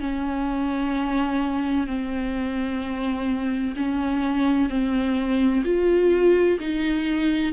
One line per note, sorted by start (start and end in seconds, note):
0.00 1.87 C#4
1.87 3.75 C4
3.76 4.69 C#4
4.69 5.63 C4
5.65 6.58 F4
6.60 7.53 D#4